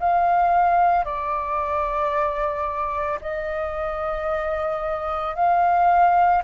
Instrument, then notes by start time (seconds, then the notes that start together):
flute
0.00 F5
1.06 D5
3.21 D#5
5.36 F5